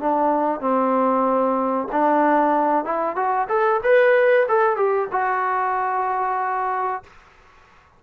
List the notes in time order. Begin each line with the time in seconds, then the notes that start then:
0.00 D4
0.60 C4
1.92 D4
2.85 E4
3.16 F#4
3.49 A4
3.83 B4
4.49 A4
4.76 G4
5.12 F#4